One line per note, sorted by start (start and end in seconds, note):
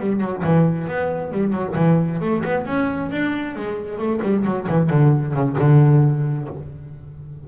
0.00 0.20 G3
0.20 0.43 F#3
0.44 0.87 E3
0.87 1.31 B3
1.31 1.52 G3
1.52 1.75 F#3
1.75 2.20 E3
2.20 2.43 A3
2.44 2.66 B3
2.66 3.10 C#4
3.11 3.56 D4
3.56 3.98 G#3
3.98 4.20 A3
4.22 4.45 G3
4.45 4.67 F#3
4.68 4.90 E3
4.90 5.34 D3
5.34 5.56 C#3
5.58 6.48 D3